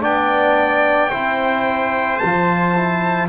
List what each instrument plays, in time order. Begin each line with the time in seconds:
0.00 double bass B3, trombone D4, trumpet D5 G5
1.09 double bass C4, trombone E4, trumpet C5
2.18 double bass F3, trumpet A5
2.25 trombone F4
2.75 trombone E4